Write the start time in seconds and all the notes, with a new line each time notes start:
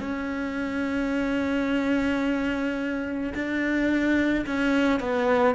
0.00 C#4
3.34 D4
4.46 C#4
5.00 B3